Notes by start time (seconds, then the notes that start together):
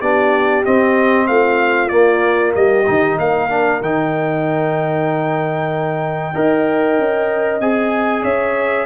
0.00 B3 D4 G4 D5
0.65 C4 D#5
1.27 A3 F4 F5
1.89 A#3 D5
2.55 G3 G4 D#5
2.86 D#3 D#4
3.18 A#3 A#4 F5
3.49 D4
3.81 D#3 D#4 G5
6.34 D#4 A#4 D#5
6.98 C#4
7.60 C4 G#4 G#5
8.23 C#4 C#5 E5